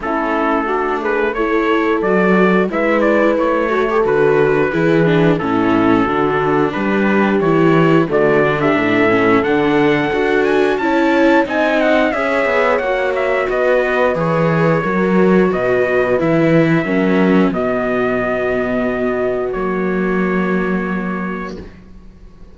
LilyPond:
<<
  \new Staff \with { instrumentName = "trumpet" } { \time 4/4 \tempo 4 = 89 a'4. b'8 cis''4 d''4 | e''8 d''8 cis''4 b'2 | a'2 b'4 cis''4 | d''8. e''4~ e''16 fis''4. gis''8 |
a''4 gis''8 fis''8 e''4 fis''8 e''8 | dis''4 cis''2 dis''4 | e''2 dis''2~ | dis''4 cis''2. | }
  \new Staff \with { instrumentName = "horn" } { \time 4/4 e'4 fis'8 gis'8 a'2 | b'4. a'4. gis'4 | e'4 fis'4 g'2 | fis'8. g'16 a'2. |
cis''4 dis''4 cis''2 | b'2 ais'4 b'4~ | b'4 ais'4 fis'2~ | fis'1 | }
  \new Staff \with { instrumentName = "viola" } { \time 4/4 cis'4 d'4 e'4 fis'4 | e'4. fis'16 g'16 fis'4 e'8 d'8 | cis'4 d'2 e'4 | a8 d'4 cis'8 d'4 fis'4 |
e'4 dis'4 gis'4 fis'4~ | fis'4 gis'4 fis'2 | e'4 cis'4 b2~ | b4 ais2. | }
  \new Staff \with { instrumentName = "cello" } { \time 4/4 a2. fis4 | gis4 a4 d4 e4 | a,4 d4 g4 e4 | d4 a,4 d4 d'4 |
cis'4 c'4 cis'8 b8 ais4 | b4 e4 fis4 b,4 | e4 fis4 b,2~ | b,4 fis2. | }
>>